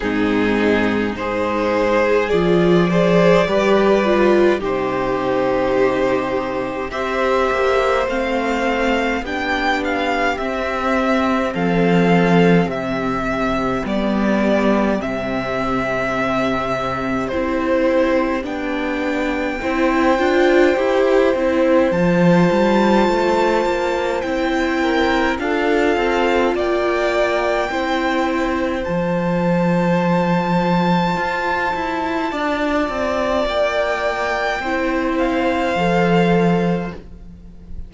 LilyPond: <<
  \new Staff \with { instrumentName = "violin" } { \time 4/4 \tempo 4 = 52 gis'4 c''4 d''2 | c''2 e''4 f''4 | g''8 f''8 e''4 f''4 e''4 | d''4 e''2 c''4 |
g''2. a''4~ | a''4 g''4 f''4 g''4~ | g''4 a''2.~ | a''4 g''4. f''4. | }
  \new Staff \with { instrumentName = "violin" } { \time 4/4 dis'4 gis'4. c''8 b'4 | g'2 c''2 | g'2 a'4 g'4~ | g'1~ |
g'4 c''2.~ | c''4. ais'8 a'4 d''4 | c''1 | d''2 c''2 | }
  \new Staff \with { instrumentName = "viola" } { \time 4/4 c'4 dis'4 f'8 gis'8 g'8 f'8 | dis'2 g'4 c'4 | d'4 c'2. | b4 c'2 e'4 |
d'4 e'8 f'8 g'8 e'8 f'4~ | f'4 e'4 f'2 | e'4 f'2.~ | f'2 e'4 a'4 | }
  \new Staff \with { instrumentName = "cello" } { \time 4/4 gis,4 gis4 f4 g4 | c2 c'8 ais8 a4 | b4 c'4 f4 c4 | g4 c2 c'4 |
b4 c'8 d'8 e'8 c'8 f8 g8 | a8 ais8 c'4 d'8 c'8 ais4 | c'4 f2 f'8 e'8 | d'8 c'8 ais4 c'4 f4 | }
>>